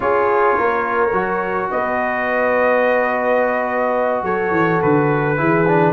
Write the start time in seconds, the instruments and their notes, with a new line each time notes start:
0.00 tuba C#4, trombone F4, horn G#4, trumpet C#5
0.57 tuba A#3, horn A#4
1.12 tuba F#3, trombone F#4
1.70 tuba B3, horn B4, trumpet D#5
4.22 tuba F#3, horn A4, trumpet C#5
4.50 tuba E3
4.82 tuba D3, trumpet B4
5.37 tuba E3, trombone E4, horn G#4
5.67 trombone D4